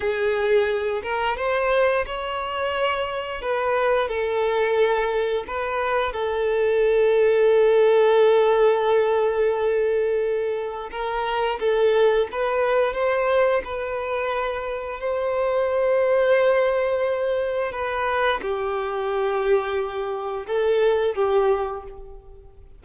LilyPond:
\new Staff \with { instrumentName = "violin" } { \time 4/4 \tempo 4 = 88 gis'4. ais'8 c''4 cis''4~ | cis''4 b'4 a'2 | b'4 a'2.~ | a'1 |
ais'4 a'4 b'4 c''4 | b'2 c''2~ | c''2 b'4 g'4~ | g'2 a'4 g'4 | }